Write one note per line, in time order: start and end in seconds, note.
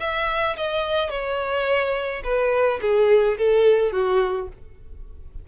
0.00 0.56 E5
0.56 1.10 D#5
1.10 2.22 C#5
2.24 2.80 B4
2.81 3.37 G#4
3.38 3.92 A4
3.92 4.48 F#4